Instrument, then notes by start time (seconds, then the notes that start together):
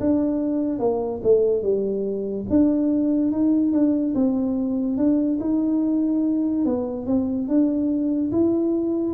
tuba
0.00 D4
0.79 A#3
1.23 A3
1.62 G3
2.49 D4
3.31 D#4
3.72 D4
4.15 C4
4.97 D4
5.40 D#4
6.65 B3
7.06 C4
7.48 D4
8.31 E4